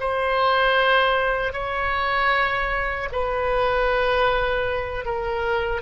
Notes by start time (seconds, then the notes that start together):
0.00 C5
1.53 C#5
3.12 B4
5.05 A#4